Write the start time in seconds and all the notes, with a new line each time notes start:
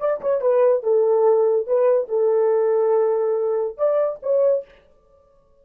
0.00 D5
0.21 C#5
0.41 B4
0.84 A4
1.67 B4
2.09 A4
3.78 D5
4.23 C#5